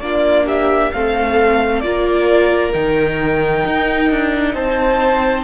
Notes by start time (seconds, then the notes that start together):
0.00 A#3 D4 F4 D5
0.45 G4 E5
0.92 A3 C4 A4 F5
1.80 A#3 F4 A#4 D5
2.73 D#3 D#4 G5
3.66 D#4
4.10 D4
4.53 C4 C5 A5